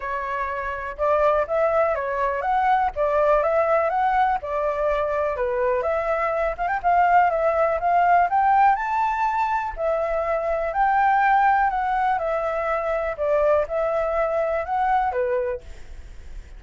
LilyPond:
\new Staff \with { instrumentName = "flute" } { \time 4/4 \tempo 4 = 123 cis''2 d''4 e''4 | cis''4 fis''4 d''4 e''4 | fis''4 d''2 b'4 | e''4. f''16 g''16 f''4 e''4 |
f''4 g''4 a''2 | e''2 g''2 | fis''4 e''2 d''4 | e''2 fis''4 b'4 | }